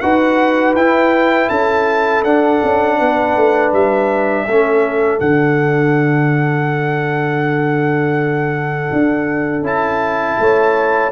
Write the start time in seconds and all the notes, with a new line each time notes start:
0.00 D#4 F#4 B4 F#5
0.74 E4 G5
1.49 C#4 A4 A5
2.23 D4 F#5
2.63 C#4
2.98 B3 B4
3.36 A3
3.72 G3 E5
4.46 A3 C#4 A4
5.19 D3 D4 F#5
8.92 D4
9.61 C#4 E4 A5
10.39 A3 C#5